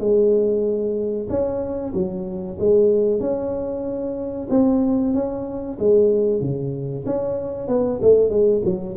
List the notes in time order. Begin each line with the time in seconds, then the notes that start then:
0.00 G#3
1.30 C#4
1.94 F#3
2.59 G#3
3.21 C#4
4.50 C4
5.14 C#4
5.79 G#3
6.41 C#3
7.06 C#4
7.68 B3
8.02 A3
8.30 G#3
8.65 F#3